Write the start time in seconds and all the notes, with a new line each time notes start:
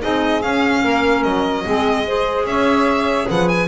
0.00 C4 D#4 G#4 D#5
0.41 C#4 F5
0.83 A#3 A#4
1.23 F#3 D#5
1.64 G#3 C4 G#4
2.06 G#4 C5
2.45 C#4 C#5 E5
3.28 F3 B4 F#5
3.48 G#5